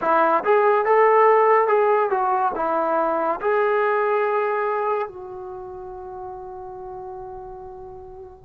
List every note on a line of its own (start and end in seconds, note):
0.01 0.43 E4
0.44 0.85 G#4
0.85 1.67 A4
1.67 2.09 G#4
2.09 2.52 F#4
2.55 3.40 E4
3.40 5.07 G#4
5.07 8.44 F#4